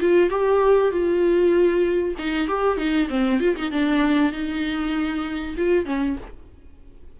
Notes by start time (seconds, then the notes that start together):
0.00 F4
0.30 G4
0.91 F4
2.18 D#4
2.47 G4
2.77 D#4
3.09 C4
3.40 F4
3.56 D#4
3.71 D4
4.32 D#4
5.57 F4
5.85 C#4